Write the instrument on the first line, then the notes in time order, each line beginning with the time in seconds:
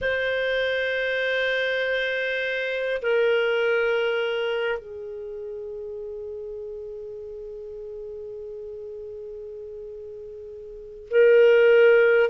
clarinet
0.01 C5
3.02 A#4
4.78 G#4
11.10 A#4